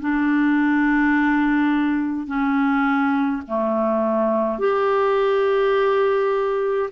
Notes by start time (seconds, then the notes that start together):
0.00 D4
2.27 C#4
3.47 A3
4.58 G4